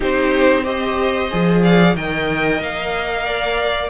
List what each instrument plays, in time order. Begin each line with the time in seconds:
0.00 cello C4, viola D#4, violin G4 C5
0.62 viola G4, violin C5 D#5
1.30 cello F3, viola G#4
1.62 violin D5 F5
1.95 cello D#3, viola A#4, violin D#5 G5
2.60 cello A#3, violin F5
3.25 violin D5